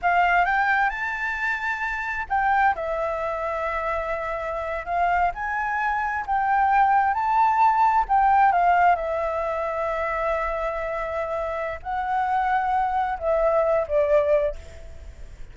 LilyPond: \new Staff \with { instrumentName = "flute" } { \time 4/4 \tempo 4 = 132 f''4 g''4 a''2~ | a''4 g''4 e''2~ | e''2~ e''8. f''4 gis''16~ | gis''4.~ gis''16 g''2 a''16~ |
a''4.~ a''16 g''4 f''4 e''16~ | e''1~ | e''2 fis''2~ | fis''4 e''4. d''4. | }